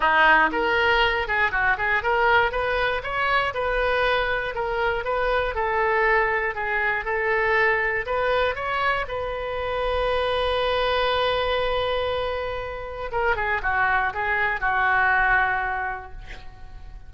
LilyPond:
\new Staff \with { instrumentName = "oboe" } { \time 4/4 \tempo 4 = 119 dis'4 ais'4. gis'8 fis'8 gis'8 | ais'4 b'4 cis''4 b'4~ | b'4 ais'4 b'4 a'4~ | a'4 gis'4 a'2 |
b'4 cis''4 b'2~ | b'1~ | b'2 ais'8 gis'8 fis'4 | gis'4 fis'2. | }